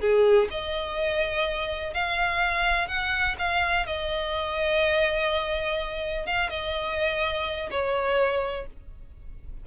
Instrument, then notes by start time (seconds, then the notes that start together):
violin
0.00 G#4
0.50 D#5
1.94 F5
2.88 F#5
3.38 F5
3.86 D#5
6.26 F5
6.50 D#5
7.70 C#5